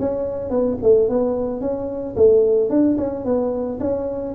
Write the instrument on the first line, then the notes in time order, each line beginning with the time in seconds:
tuba
0.00 C#4
0.51 B3
0.83 A3
1.09 B3
1.61 C#4
2.16 A3
2.70 D4
2.98 C#4
3.25 B3
3.81 C#4